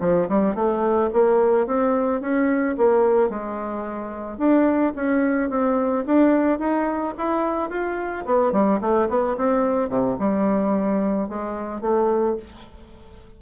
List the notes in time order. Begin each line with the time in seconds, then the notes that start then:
0.00 F3
0.29 G3
0.55 A3
1.13 A#3
1.66 C4
2.20 C#4
2.77 A#3
3.29 G#3
4.38 D4
4.95 C#4
5.49 C4
6.06 D4
6.59 D#4
7.18 E4
7.70 F4
8.25 B3
8.52 G3
8.81 A3
9.09 B3
9.37 C4
9.89 C3
10.19 G3
11.28 G#3
11.81 A3